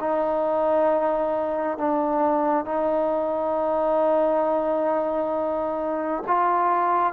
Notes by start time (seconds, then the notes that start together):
0.00 D#4
1.78 D4
2.65 D#4
6.27 F4